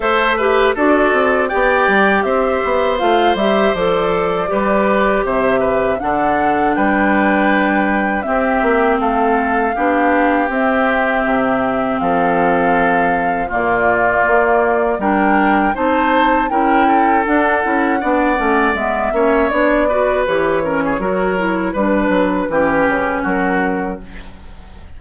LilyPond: <<
  \new Staff \with { instrumentName = "flute" } { \time 4/4 \tempo 4 = 80 e''4 d''4 g''4 e''4 | f''8 e''8 d''2 e''4 | fis''4 g''2 e''4 | f''2 e''2 |
f''2 d''2 | g''4 a''4 g''4 fis''4~ | fis''4 e''4 d''4 cis''4~ | cis''4 b'2 ais'4 | }
  \new Staff \with { instrumentName = "oboe" } { \time 4/4 c''8 b'8 a'4 d''4 c''4~ | c''2 b'4 c''8 b'8 | a'4 b'2 g'4 | a'4 g'2. |
a'2 f'2 | ais'4 c''4 ais'8 a'4. | d''4. cis''4 b'4 ais'16 gis'16 | ais'4 b'4 g'4 fis'4 | }
  \new Staff \with { instrumentName = "clarinet" } { \time 4/4 a'8 g'8 fis'4 g'2 | f'8 g'8 a'4 g'2 | d'2. c'4~ | c'4 d'4 c'2~ |
c'2 ais2 | d'4 dis'4 e'4 d'8 e'8 | d'8 cis'8 b8 cis'8 d'8 fis'8 g'8 cis'8 | fis'8 e'8 d'4 cis'2 | }
  \new Staff \with { instrumentName = "bassoon" } { \time 4/4 a4 d'8 c'8 b8 g8 c'8 b8 | a8 g8 f4 g4 c4 | d4 g2 c'8 ais8 | a4 b4 c'4 c4 |
f2 ais,4 ais4 | g4 c'4 cis'4 d'8 cis'8 | b8 a8 gis8 ais8 b4 e4 | fis4 g8 fis8 e8 cis8 fis4 | }
>>